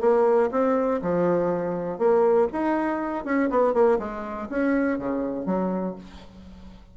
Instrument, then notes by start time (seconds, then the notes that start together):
bassoon
0.00 A#3
0.51 C4
1.01 F3
1.98 A#3
2.52 D#4
3.25 C#4
3.50 B3
3.73 A#3
3.98 G#3
4.49 C#4
4.98 C#3
5.45 F#3